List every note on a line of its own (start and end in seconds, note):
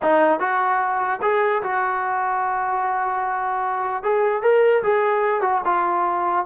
0.02 0.39 D#4
0.39 1.20 F#4
1.22 1.62 G#4
1.63 4.03 F#4
4.03 4.42 G#4
4.42 4.82 A#4
4.83 5.41 G#4
5.41 5.61 F#4
5.64 6.45 F4